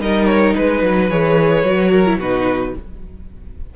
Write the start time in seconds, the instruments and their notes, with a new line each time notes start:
0.00 cello G3, viola D#4, violin A#4 D#5
0.26 violin C#5
0.55 cello G#3, violin B4
0.83 cello F#3
1.10 cello E3, viola G#4, violin C#5
1.63 cello F#3, viola F#4
1.91 violin A#4
2.06 viola E4
2.18 cello B2, viola D#4, violin F#4 B4